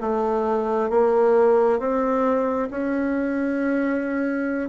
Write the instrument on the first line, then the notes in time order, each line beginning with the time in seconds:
bassoon
0.00 A3
0.90 A#3
1.79 C4
2.70 C#4